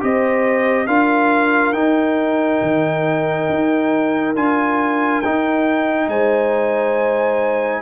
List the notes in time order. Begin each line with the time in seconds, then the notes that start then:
0.00 C4 G4 C5 D#5
0.87 D4 F4 A#4 F5
1.72 D#4 G5
2.61 D#3
3.49 D#4
4.35 D4 F4 G#5
5.21 D#4 G5
6.07 G#3 C5 G#5